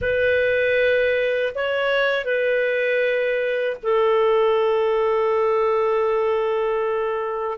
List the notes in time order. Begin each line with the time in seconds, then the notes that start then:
0.01 B4
1.54 C#5
2.24 B4
3.83 A4